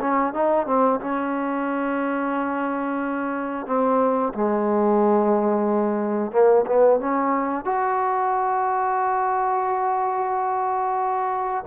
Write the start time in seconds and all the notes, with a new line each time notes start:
0.00 C#4
0.33 D#4
0.66 C4
1.00 C#4
3.66 C4
4.34 G#3
6.31 A#3
6.66 B3
6.99 C#4
7.65 F#4